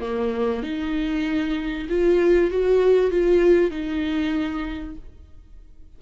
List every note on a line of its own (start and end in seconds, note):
0.00 0.62 A#3
0.62 1.87 D#4
1.89 2.50 F4
2.50 3.11 F#4
3.11 3.70 F4
3.70 4.95 D#4